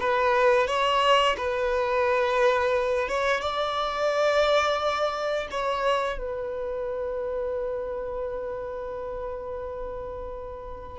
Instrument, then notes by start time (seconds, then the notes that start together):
violin
0.00 B4
0.67 C#5
1.37 B4
3.08 C#5
3.41 D5
5.51 C#5
6.18 B4